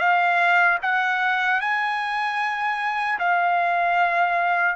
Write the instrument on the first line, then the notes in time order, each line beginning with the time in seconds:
trumpet
0.00 F5
0.83 F#5
1.61 G#5
3.20 F5